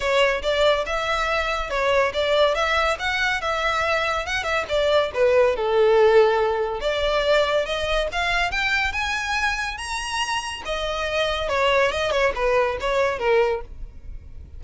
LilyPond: \new Staff \with { instrumentName = "violin" } { \time 4/4 \tempo 4 = 141 cis''4 d''4 e''2 | cis''4 d''4 e''4 fis''4 | e''2 fis''8 e''8 d''4 | b'4 a'2. |
d''2 dis''4 f''4 | g''4 gis''2 ais''4~ | ais''4 dis''2 cis''4 | dis''8 cis''8 b'4 cis''4 ais'4 | }